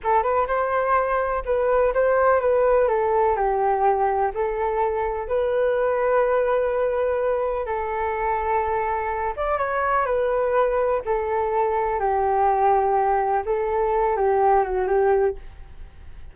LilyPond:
\new Staff \with { instrumentName = "flute" } { \time 4/4 \tempo 4 = 125 a'8 b'8 c''2 b'4 | c''4 b'4 a'4 g'4~ | g'4 a'2 b'4~ | b'1 |
a'2.~ a'8 d''8 | cis''4 b'2 a'4~ | a'4 g'2. | a'4. g'4 fis'8 g'4 | }